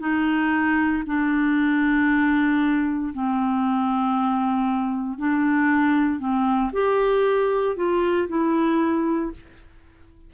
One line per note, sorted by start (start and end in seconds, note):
0.00 1.03 D#4
1.06 3.13 D4
3.14 5.19 C4
5.19 6.19 D4
6.19 6.71 C4
6.73 7.76 G4
7.76 8.28 F4
8.29 9.32 E4